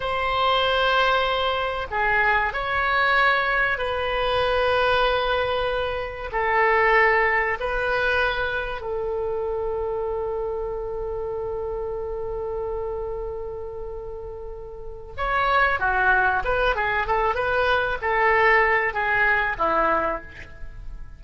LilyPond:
\new Staff \with { instrumentName = "oboe" } { \time 4/4 \tempo 4 = 95 c''2. gis'4 | cis''2 b'2~ | b'2 a'2 | b'2 a'2~ |
a'1~ | a'1 | cis''4 fis'4 b'8 gis'8 a'8 b'8~ | b'8 a'4. gis'4 e'4 | }